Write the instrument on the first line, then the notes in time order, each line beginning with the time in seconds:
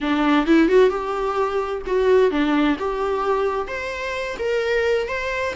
viola
0.01 D4
0.46 E4
0.68 F#4
0.89 G4
1.86 F#4
2.30 D4
2.78 G4
3.67 C5
4.38 A#4
5.07 C5